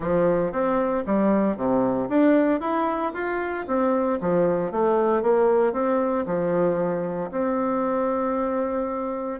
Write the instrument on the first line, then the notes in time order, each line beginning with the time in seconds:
bassoon
0.00 F3
0.51 C4
1.06 G3
1.57 C3
2.09 D4
2.60 E4
3.13 F4
3.67 C4
4.20 F3
4.71 A3
5.22 A#3
5.72 C4
6.26 F3
7.31 C4